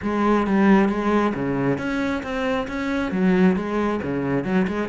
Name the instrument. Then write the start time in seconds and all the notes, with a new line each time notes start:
cello
0.02 G#3
0.46 G3
0.88 G#3
1.34 C#3
1.78 C#4
2.22 C4
2.67 C#4
3.11 F#3
3.56 G#3
4.02 C#3
4.44 F#3
4.67 G#3